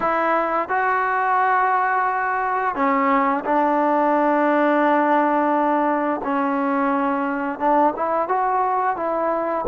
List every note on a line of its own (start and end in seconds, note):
0.00 0.69 E4
0.69 2.75 F#4
2.75 3.44 C#4
3.45 6.20 D4
6.24 7.59 C#4
7.59 7.93 D4
7.95 8.28 E4
8.28 8.96 F#4
8.96 9.65 E4